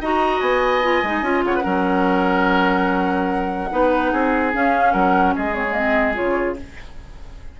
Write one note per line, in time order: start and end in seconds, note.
0.00 0.41 D#4
0.00 0.82 F#4
0.00 1.44 D#5
0.00 0.40 A#5
0.40 1.02 B3
0.40 1.43 G#5
0.82 1.03 F4
1.03 1.21 G#3
1.03 1.23 D#4
1.21 1.42 C#4
1.21 1.62 F4
1.44 1.64 C#3
1.44 1.55 C#5
1.44 4.52 F#5
1.55 1.63 B4
1.62 3.70 F#3
1.62 3.68 C#4
1.62 3.68 A#4
3.71 4.12 B3
3.71 4.52 D#4
3.71 4.11 B4
4.11 4.53 C4
4.11 4.92 G#4
4.52 5.53 C#4
4.52 4.94 C#4
4.52 4.92 F5
4.92 5.35 F#3
4.92 5.33 A#4
4.92 5.33 F#5
5.35 6.18 G#3
5.35 6.58 G#4
5.35 5.54 D#5
5.53 5.64 C4
5.53 5.73 C#5
5.70 5.78 A#3
5.70 6.14 D#5
5.78 6.14 C4
6.14 6.60 C#3
6.14 6.55 F4
6.14 6.56 C#5